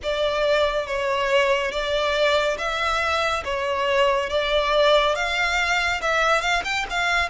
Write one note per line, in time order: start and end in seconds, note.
0.02 0.86 D5
0.86 1.71 C#5
1.71 2.57 D5
2.58 3.43 E5
3.44 4.29 C#5
4.29 5.15 D5
5.15 6.00 F5
6.01 6.41 E5
6.41 6.62 F5
6.64 6.85 G5
6.90 7.29 F5